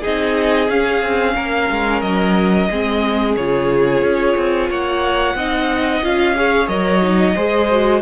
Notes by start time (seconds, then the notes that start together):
0.00 C4 D#4 G#4 D#5
0.69 C#4 F5
1.02 C4
1.35 A#3 A#4
1.70 G#3
2.01 F#3 D#5
2.70 G#3 C4 G#4
3.36 C#3 F4 C#5
4.02 C#4
4.37 C4
4.69 A#3 C#5 F#5
5.34 C4 D#4 D#5
6.03 C#4 F4 F5
6.35 G#4 C#5
6.67 F#3 A#4 D#5
7.01 D#4
7.35 G#3 G#4 C5
7.70 F#4